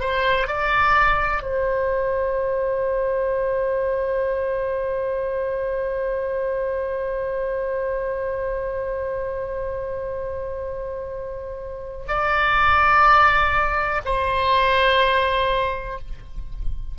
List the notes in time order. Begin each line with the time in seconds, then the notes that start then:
0.00 C5
0.48 D5
1.43 C5
12.08 D5
14.05 C5